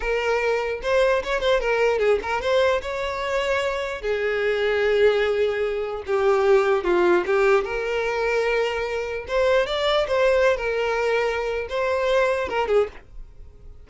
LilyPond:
\new Staff \with { instrumentName = "violin" } { \time 4/4 \tempo 4 = 149 ais'2 c''4 cis''8 c''8 | ais'4 gis'8 ais'8 c''4 cis''4~ | cis''2 gis'2~ | gis'2. g'4~ |
g'4 f'4 g'4 ais'4~ | ais'2. c''4 | d''4 c''4~ c''16 ais'4.~ ais'16~ | ais'4 c''2 ais'8 gis'8 | }